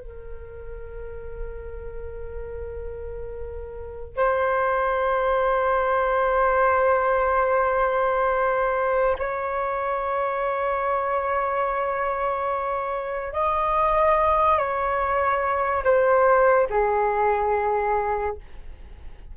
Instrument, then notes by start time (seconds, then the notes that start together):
flute
0.00 A#4
4.17 C5
9.19 C#5
13.33 D#5
14.58 C#5
15.84 C5
16.70 G#4